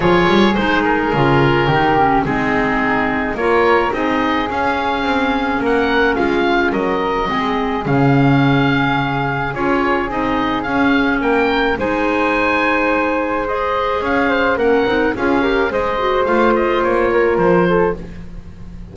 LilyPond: <<
  \new Staff \with { instrumentName = "oboe" } { \time 4/4 \tempo 4 = 107 cis''4 c''8 ais'2~ ais'8 | gis'2 cis''4 dis''4 | f''2 fis''4 f''4 | dis''2 f''2~ |
f''4 cis''4 dis''4 f''4 | g''4 gis''2. | dis''4 f''4 fis''4 f''4 | dis''4 f''8 dis''8 cis''4 c''4 | }
  \new Staff \with { instrumentName = "flute" } { \time 4/4 gis'2. g'4 | dis'2 ais'4 gis'4~ | gis'2 ais'4 f'4 | ais'4 gis'2.~ |
gis'1 | ais'4 c''2.~ | c''4 cis''8 c''8 ais'4 gis'8 ais'8 | c''2~ c''8 ais'4 a'8 | }
  \new Staff \with { instrumentName = "clarinet" } { \time 4/4 f'4 dis'4 f'4 dis'8 cis'8 | c'2 f'4 dis'4 | cis'1~ | cis'4 c'4 cis'2~ |
cis'4 f'4 dis'4 cis'4~ | cis'4 dis'2. | gis'2 cis'8 dis'8 f'8 g'8 | gis'8 fis'8 f'2. | }
  \new Staff \with { instrumentName = "double bass" } { \time 4/4 f8 g8 gis4 cis4 dis4 | gis2 ais4 c'4 | cis'4 c'4 ais4 gis4 | fis4 gis4 cis2~ |
cis4 cis'4 c'4 cis'4 | ais4 gis2.~ | gis4 cis'4 ais8 c'8 cis'4 | gis4 a4 ais4 f4 | }
>>